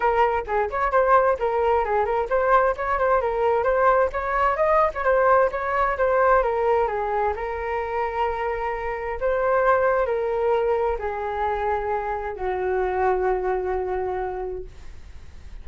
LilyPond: \new Staff \with { instrumentName = "flute" } { \time 4/4 \tempo 4 = 131 ais'4 gis'8 cis''8 c''4 ais'4 | gis'8 ais'8 c''4 cis''8 c''8 ais'4 | c''4 cis''4 dis''8. cis''16 c''4 | cis''4 c''4 ais'4 gis'4 |
ais'1 | c''2 ais'2 | gis'2. fis'4~ | fis'1 | }